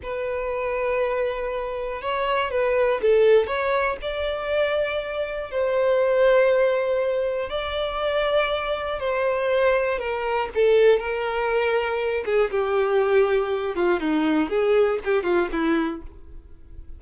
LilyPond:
\new Staff \with { instrumentName = "violin" } { \time 4/4 \tempo 4 = 120 b'1 | cis''4 b'4 a'4 cis''4 | d''2. c''4~ | c''2. d''4~ |
d''2 c''2 | ais'4 a'4 ais'2~ | ais'8 gis'8 g'2~ g'8 f'8 | dis'4 gis'4 g'8 f'8 e'4 | }